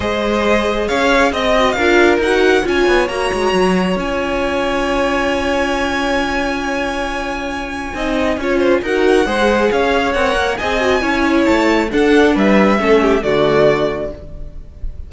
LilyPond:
<<
  \new Staff \with { instrumentName = "violin" } { \time 4/4 \tempo 4 = 136 dis''2 f''4 dis''4 | f''4 fis''4 gis''4 ais''4~ | ais''4 gis''2.~ | gis''1~ |
gis''1 | fis''2 f''4 fis''4 | gis''2 a''4 fis''4 | e''2 d''2 | }
  \new Staff \with { instrumentName = "violin" } { \time 4/4 c''2 cis''4 dis''4 | ais'2 cis''2~ | cis''1~ | cis''1~ |
cis''2 dis''4 cis''8 c''8 | ais'4 c''4 cis''2 | dis''4 cis''2 a'4 | b'4 a'8 g'8 fis'2 | }
  \new Staff \with { instrumentName = "viola" } { \time 4/4 gis'2.~ gis'8 fis'8 | f'4 fis'4 f'4 fis'4~ | fis'4 f'2.~ | f'1~ |
f'2 dis'4 f'4 | fis'4 gis'2 ais'4 | gis'8 fis'8 e'2 d'4~ | d'4 cis'4 a2 | }
  \new Staff \with { instrumentName = "cello" } { \time 4/4 gis2 cis'4 c'4 | d'4 dis'4 cis'8 b8 ais8 gis8 | fis4 cis'2.~ | cis'1~ |
cis'2 c'4 cis'4 | dis'4 gis4 cis'4 c'8 ais8 | c'4 cis'4 a4 d'4 | g4 a4 d2 | }
>>